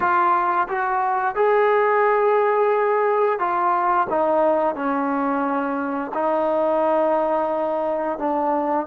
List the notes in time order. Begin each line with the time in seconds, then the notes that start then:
0.00 F4
0.68 F#4
1.35 G#4
3.39 F4
4.09 D#4
4.75 C#4
6.14 D#4
8.18 D4